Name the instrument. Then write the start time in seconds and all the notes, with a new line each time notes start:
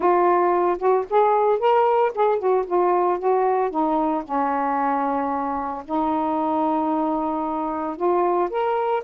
saxophone
0.00 F4
0.78 F#4
1.09 G#4
1.59 A#4
2.14 G#4
2.38 F#4
2.66 F4
3.18 F#4
3.70 D#4
4.24 C#4
5.85 D#4
7.96 F4
8.50 A#4